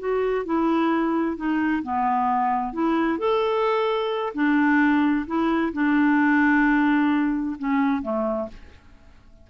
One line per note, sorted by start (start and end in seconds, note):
0.00 0.46 F#4
0.46 1.37 E4
1.37 1.83 D#4
1.84 2.74 B3
2.74 3.19 E4
3.19 4.33 A4
4.35 5.27 D4
5.27 5.73 E4
5.74 7.57 D4
7.59 8.03 C#4
8.03 8.49 A3